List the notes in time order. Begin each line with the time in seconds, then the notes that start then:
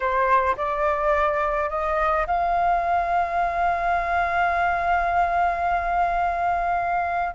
0.00 C5
0.56 D5
1.69 D#5
2.26 F5